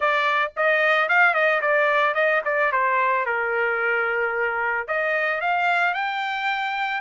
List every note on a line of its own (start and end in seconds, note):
0.00 0.52 D5
0.56 1.08 D#5
1.08 1.33 F5
1.33 1.60 D#5
1.61 2.14 D5
2.14 2.41 D#5
2.44 2.71 D5
2.72 3.25 C5
3.25 4.87 A#4
4.87 5.41 D#5
5.41 5.93 F5
5.93 7.00 G5